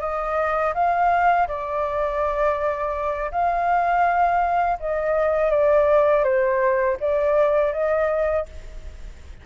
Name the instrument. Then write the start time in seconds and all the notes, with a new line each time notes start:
flute
0.00 D#5
0.74 F5
1.48 D5
3.31 F5
4.80 D#5
5.51 D5
6.24 C5
7.00 D5
7.73 D#5